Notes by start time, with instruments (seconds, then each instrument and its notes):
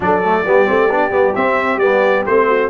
0.00 tuba F#3, trombone D4, horn A4, trumpet D5
0.24 trombone A3
0.45 tuba G3, trombone B3, horn G4
0.66 tuba A3, trombone C4
0.89 tuba B3, trombone D4
1.10 tuba G3, trombone B3
1.35 trombone C4, tuba C4, trumpet E5
1.77 tuba G3, trombone B3, trumpet D5
2.26 tuba A3, trombone C4, trumpet C5
2.47 horn F#4